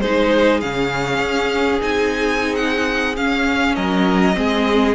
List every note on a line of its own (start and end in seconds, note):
0.00 0.62 G#3
0.00 0.62 D#4
0.00 3.75 G#4
0.00 0.60 C5
0.60 1.19 C#3
0.60 1.80 C#4
0.60 1.80 F5
1.19 1.79 C#4
1.80 3.17 C4
1.80 3.15 D#4
1.80 2.55 G#5
2.55 3.15 F#5
3.16 4.34 C#4
3.16 3.77 C#4
3.16 3.75 F5
3.75 4.37 F#3
3.75 4.35 A#4
3.75 4.95 D#5
4.34 4.95 G#3
4.34 4.94 C4
4.34 4.95 G#4